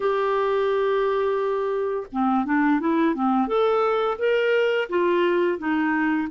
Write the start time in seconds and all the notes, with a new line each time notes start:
0.00 G4
2.12 C4
2.45 D4
2.80 E4
3.14 C4
3.47 A4
4.18 A#4
4.89 F4
5.58 D#4